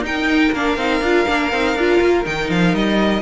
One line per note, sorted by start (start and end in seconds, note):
0.00 0.49 D#4
0.00 0.54 D#4
0.00 0.54 G5
0.06 3.22 A#4
0.52 0.77 A#3
0.52 0.78 D4
0.52 2.26 F5
0.77 1.01 C4
0.77 1.03 D#4
1.01 1.26 D4
1.01 1.27 F4
1.27 1.52 A#3
1.27 1.51 D4
1.52 1.75 C4
1.52 1.78 D#4
1.75 2.00 D4
1.75 2.24 F4
2.01 2.25 A#3
2.24 2.49 D#3
2.24 3.22 D#4
2.24 2.50 G5
2.49 2.74 F3
2.49 2.75 F5
2.74 3.22 G3
2.74 3.22 D#5